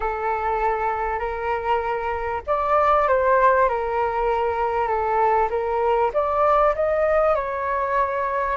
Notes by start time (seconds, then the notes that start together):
0.00 A4
1.19 A#4
2.47 D5
3.08 C5
3.68 A#4
4.87 A4
5.50 A#4
6.13 D5
6.75 D#5
7.35 C#5